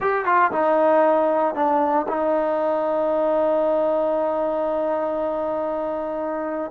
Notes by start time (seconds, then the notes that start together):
0.00 G4
0.25 F4
0.51 D#4
1.54 D4
2.08 D#4